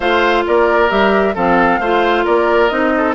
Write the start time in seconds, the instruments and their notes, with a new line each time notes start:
0.00 bassoon A3, clarinet F4, oboe C5, flute F5
0.46 bassoon A#3, oboe A#4, flute D5
0.89 bassoon G3, clarinet G4, flute E5
1.34 bassoon F3, clarinet C4, oboe A4, flute F5
1.79 bassoon A3, clarinet F4, oboe C5
2.24 bassoon A#3, oboe A#4, flute D5
2.68 bassoon C4, clarinet D#4, flute D#5
2.97 oboe A4